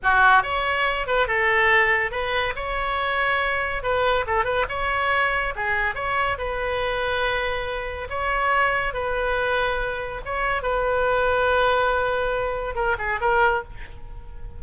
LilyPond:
\new Staff \with { instrumentName = "oboe" } { \time 4/4 \tempo 4 = 141 fis'4 cis''4. b'8 a'4~ | a'4 b'4 cis''2~ | cis''4 b'4 a'8 b'8 cis''4~ | cis''4 gis'4 cis''4 b'4~ |
b'2. cis''4~ | cis''4 b'2. | cis''4 b'2.~ | b'2 ais'8 gis'8 ais'4 | }